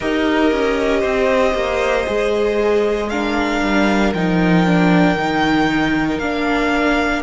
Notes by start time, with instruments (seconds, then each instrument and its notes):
0.00 cello D#4, viola G4, violin A#4 D#5
0.52 cello C#4
1.00 cello C4, violin C5
1.53 cello A#3
2.06 cello G#3, viola G#4
3.09 viola D4, violin A#4 F5
3.61 cello G3
4.13 cello F3, viola D#4, violin G5
4.66 viola D4
5.15 cello D#3, viola D#4
6.18 cello A#3, viola D4, violin F5